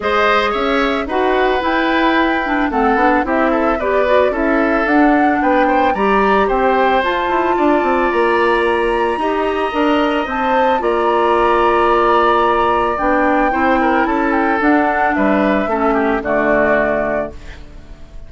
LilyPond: <<
  \new Staff \with { instrumentName = "flute" } { \time 4/4 \tempo 4 = 111 dis''4 e''4 fis''4 g''4~ | g''4 fis''4 e''4 d''4 | e''4 fis''4 g''4 ais''4 | g''4 a''2 ais''4~ |
ais''2. a''4 | ais''1 | g''2 a''8 g''8 fis''4 | e''2 d''2 | }
  \new Staff \with { instrumentName = "oboe" } { \time 4/4 c''4 cis''4 b'2~ | b'4 a'4 g'8 a'8 b'4 | a'2 b'8 c''8 d''4 | c''2 d''2~ |
d''4 dis''2. | d''1~ | d''4 c''8 ais'8 a'2 | b'4 a'8 g'8 fis'2 | }
  \new Staff \with { instrumentName = "clarinet" } { \time 4/4 gis'2 fis'4 e'4~ | e'8 d'8 c'8 d'8 e'4 g'8 fis'8 | e'4 d'2 g'4~ | g'4 f'2.~ |
f'4 g'4 ais'4 c''4 | f'1 | d'4 e'2 d'4~ | d'4 cis'4 a2 | }
  \new Staff \with { instrumentName = "bassoon" } { \time 4/4 gis4 cis'4 dis'4 e'4~ | e'4 a8 b8 c'4 b4 | cis'4 d'4 b4 g4 | c'4 f'8 e'8 d'8 c'8 ais4~ |
ais4 dis'4 d'4 c'4 | ais1 | b4 c'4 cis'4 d'4 | g4 a4 d2 | }
>>